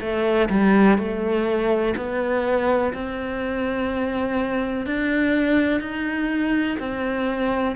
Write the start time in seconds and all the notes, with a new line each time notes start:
0.00 A3
0.49 G3
0.98 A3
1.96 B3
2.93 C4
4.86 D4
5.80 D#4
6.79 C4